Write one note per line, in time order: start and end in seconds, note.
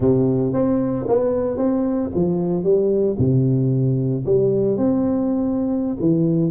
0.00 0.53 C3
0.53 1.06 C4
1.07 1.57 B3
1.57 2.10 C4
2.14 2.63 F3
2.63 3.16 G3
3.18 4.24 C3
4.25 4.77 G3
4.77 5.96 C4
6.00 6.51 E3